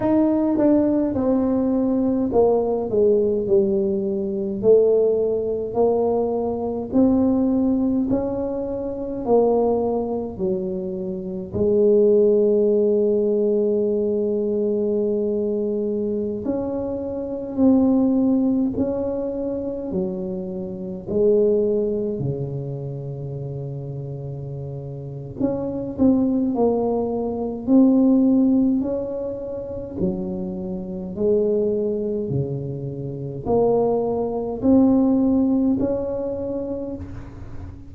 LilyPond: \new Staff \with { instrumentName = "tuba" } { \time 4/4 \tempo 4 = 52 dis'8 d'8 c'4 ais8 gis8 g4 | a4 ais4 c'4 cis'4 | ais4 fis4 gis2~ | gis2~ gis16 cis'4 c'8.~ |
c'16 cis'4 fis4 gis4 cis8.~ | cis2 cis'8 c'8 ais4 | c'4 cis'4 fis4 gis4 | cis4 ais4 c'4 cis'4 | }